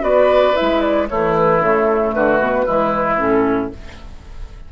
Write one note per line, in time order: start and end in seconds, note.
0.00 0.55 B3
0.00 0.53 F#4
0.00 1.08 B4
0.00 0.56 D5
0.55 1.07 E4
0.55 0.81 E5
0.61 1.10 G#3
0.81 1.07 D5
1.08 1.62 E3
1.08 1.59 A3
1.08 2.15 E4
1.08 1.35 C#5
1.37 1.62 B4
1.59 2.12 C#3
1.59 2.65 A3
1.59 2.14 A4
2.14 2.40 D3
2.14 2.66 F#4
2.14 3.19 B4
2.40 2.66 B2
2.65 3.19 E3
2.65 3.17 G#3
2.65 3.71 E4
3.18 3.72 A2
3.18 3.70 C#4
3.18 3.72 A4